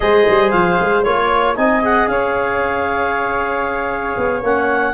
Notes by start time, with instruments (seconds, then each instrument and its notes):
0.00 tuba G#3, trombone G#4, flute C5, clarinet D#5
0.28 tuba G3
0.51 tuba F3, clarinet F5
0.80 tuba G#3
1.02 tuba A#3, trombone F4, clarinet C#5, flute C#5
1.55 tuba C4, trombone D#4, flute D#5, clarinet G#5
1.82 trombone G#4, clarinet F#5
2.07 tuba C#4, flute C#5, clarinet F5
4.16 tuba B3
4.42 tuba A#3, trombone C#4, clarinet F#5